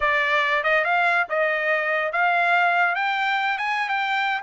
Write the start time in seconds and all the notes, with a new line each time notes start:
0.00 D5
0.63 D#5
0.84 F5
1.29 D#5
2.12 F5
2.95 G5
3.57 G#5
3.88 G5